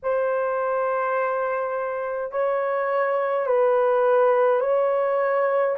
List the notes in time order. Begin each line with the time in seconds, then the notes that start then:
0.03 C5
2.31 C#5
3.46 B4
4.60 C#5